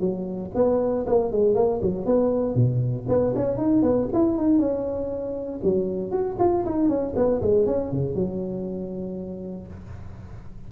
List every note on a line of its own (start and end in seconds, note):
0.00 0.51 F#3
0.55 1.05 B3
1.06 1.31 A#3
1.31 1.55 G#3
1.55 1.80 A#3
1.82 2.05 F#3
2.05 2.55 B3
2.55 3.06 B2
3.08 3.34 B3
3.36 3.57 C#4
3.57 3.82 D#4
3.82 4.08 B3
4.13 4.37 E4
4.37 4.59 D#4
4.59 5.60 C#4
5.63 6.11 F#3
6.11 6.37 F#4
6.39 6.64 F4
6.65 6.89 D#4
6.89 7.14 C#4
7.16 7.41 B3
7.42 7.66 G#3
7.66 7.91 C#4
7.91 8.14 C#3
8.14 9.67 F#3